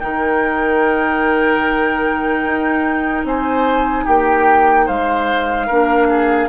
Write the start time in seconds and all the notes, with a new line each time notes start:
0.00 D#3 D#4 A#4 G5
2.45 D#4
3.24 C4 C5 G#5
4.05 A#3 G4 G5
4.86 G#3 C5 F5
5.67 A#3 D4 A#4
6.09 G#4